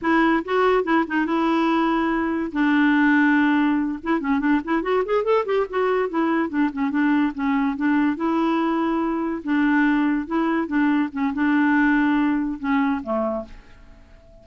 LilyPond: \new Staff \with { instrumentName = "clarinet" } { \time 4/4 \tempo 4 = 143 e'4 fis'4 e'8 dis'8 e'4~ | e'2 d'2~ | d'4. e'8 cis'8 d'8 e'8 fis'8 | gis'8 a'8 g'8 fis'4 e'4 d'8 |
cis'8 d'4 cis'4 d'4 e'8~ | e'2~ e'8 d'4.~ | d'8 e'4 d'4 cis'8 d'4~ | d'2 cis'4 a4 | }